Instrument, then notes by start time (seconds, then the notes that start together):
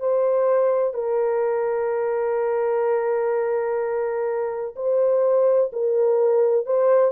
horn
0.00 C5
0.94 A#4
4.76 C5
5.73 A#4
6.66 C5